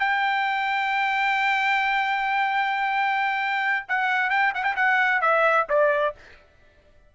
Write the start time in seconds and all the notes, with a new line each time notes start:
0.00 G5
3.89 F#5
4.31 G5
4.55 F#5
4.64 G5
4.77 F#5
5.22 E5
5.70 D5